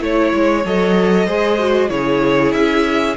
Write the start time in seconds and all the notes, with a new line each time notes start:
0.00 A3 E4 C#5
0.35 G#3
0.65 F#3 A4 D#5
1.27 G#3 G#4 C5
1.59 F#4
1.90 C#3 E4 G#4 C#5
2.53 C#4 E5